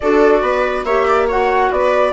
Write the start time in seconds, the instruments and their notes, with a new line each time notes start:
0.00 bassoon D4, clarinet F#4, viola A4, flute D5
0.42 bassoon B3, viola B4
0.83 bassoon A#3, clarinet G4, viola C#5, flute E5
1.07 viola D5
1.27 clarinet F#4, viola C#5, flute F#5
1.71 bassoon B3, viola B4, flute D5